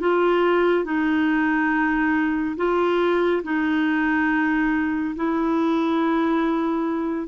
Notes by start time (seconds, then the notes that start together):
0.00 F4
0.85 D#4
2.57 F4
3.44 D#4
5.16 E4